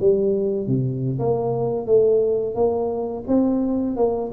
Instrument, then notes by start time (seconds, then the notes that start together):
tuba
0.00 G3
0.67 C3
1.19 A#3
1.87 A3
2.55 A#3
3.28 C4
3.97 A#3